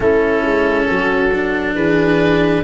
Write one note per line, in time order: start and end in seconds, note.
0.00 0.44 A3
0.00 1.31 C#4
0.00 0.87 E4
0.00 1.75 A4
0.44 0.88 G#3
0.89 1.75 F#3
0.89 1.74 F#4
1.33 2.63 D4
1.74 2.63 E3
1.74 2.63 G#4
1.74 2.63 B4